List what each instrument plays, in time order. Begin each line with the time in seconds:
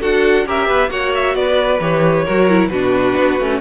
0.00 cello D4, viola F#4, violin A4 F#5
0.46 cello C#4, viola G4, violin A#4 E5
0.67 cello B3, violin B4
0.88 cello A#3, viola F#4, violin C#5 F#5
1.15 violin E5
1.35 cello B3, violin B4 D5
1.80 cello E3, viola G4, violin C#5
2.24 cello F#3, viola F#4, violin A#4
2.49 viola E4
2.68 cello B2, viola D4, violin F#4 B4
3.18 cello B3
3.39 cello A3, viola C#4